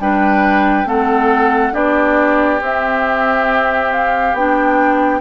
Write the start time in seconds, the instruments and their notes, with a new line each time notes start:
0.00 bassoon G3, clarinet D4, oboe B4, flute G5
0.85 bassoon A3, clarinet C4, oboe A4, flute F#5
1.73 bassoon B3, clarinet D4, oboe G4, flute D5
2.60 bassoon C4, clarinet C4, flute E5
3.92 flute F5
4.33 bassoon B3, clarinet D4, flute G5